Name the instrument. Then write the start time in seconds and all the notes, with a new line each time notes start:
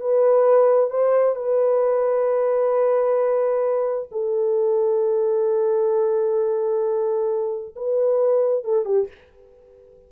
horn
0.00 B4
0.90 C5
1.35 B4
4.11 A4
7.75 B4
8.64 A4
8.85 G4